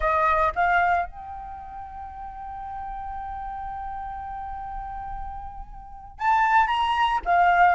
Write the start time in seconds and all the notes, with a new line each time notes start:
0.00 D#5
0.55 F5
1.06 G5
6.18 A5
6.67 A#5
7.25 F5